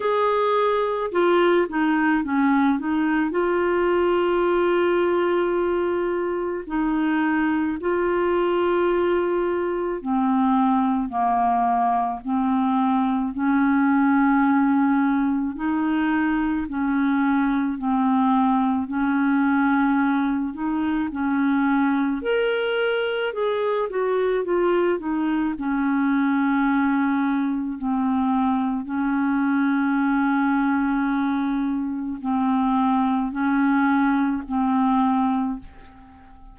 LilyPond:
\new Staff \with { instrumentName = "clarinet" } { \time 4/4 \tempo 4 = 54 gis'4 f'8 dis'8 cis'8 dis'8 f'4~ | f'2 dis'4 f'4~ | f'4 c'4 ais4 c'4 | cis'2 dis'4 cis'4 |
c'4 cis'4. dis'8 cis'4 | ais'4 gis'8 fis'8 f'8 dis'8 cis'4~ | cis'4 c'4 cis'2~ | cis'4 c'4 cis'4 c'4 | }